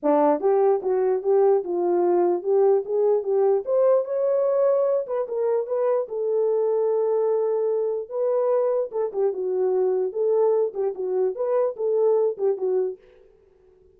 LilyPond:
\new Staff \with { instrumentName = "horn" } { \time 4/4 \tempo 4 = 148 d'4 g'4 fis'4 g'4 | f'2 g'4 gis'4 | g'4 c''4 cis''2~ | cis''8 b'8 ais'4 b'4 a'4~ |
a'1 | b'2 a'8 g'8 fis'4~ | fis'4 a'4. g'8 fis'4 | b'4 a'4. g'8 fis'4 | }